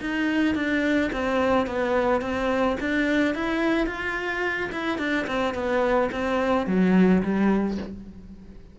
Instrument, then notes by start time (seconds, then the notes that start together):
cello
0.00 D#4
0.55 D4
1.12 C4
1.66 B3
2.21 C4
2.80 D4
3.34 E4
3.86 F4
4.71 E4
4.98 D4
5.27 C4
5.54 B3
6.11 C4
6.66 F#3
7.22 G3